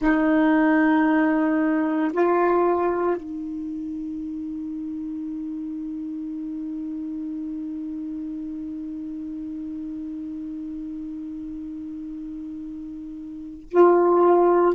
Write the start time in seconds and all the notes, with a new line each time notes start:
0.00 D#4
2.12 F4
3.16 D#4
13.70 F4